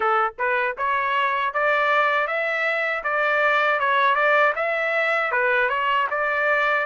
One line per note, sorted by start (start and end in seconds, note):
0.00 0.34 A4
0.38 0.76 B4
0.77 1.53 C#5
1.53 2.27 D5
2.27 3.03 E5
3.03 3.79 D5
3.79 4.15 C#5
4.15 4.53 D5
4.55 5.31 E5
5.31 5.69 B4
5.69 6.07 C#5
6.10 6.86 D5